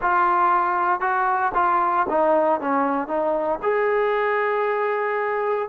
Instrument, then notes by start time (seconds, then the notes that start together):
trombone
0.01 F4
1.00 F#4
1.54 F4
2.09 D#4
2.60 C#4
3.07 D#4
3.62 G#4